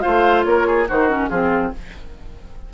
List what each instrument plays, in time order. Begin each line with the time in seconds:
0.00 bassoon A3, clarinet F4, oboe C5, flute F5
0.43 bassoon A#3, oboe A#4, flute C#5
0.67 oboe G#4
0.88 bassoon D#3, clarinet D#4, oboe F#4, flute C5
1.09 clarinet C#4, flute A#4
1.29 bassoon F3, clarinet C4, oboe F4, flute G#4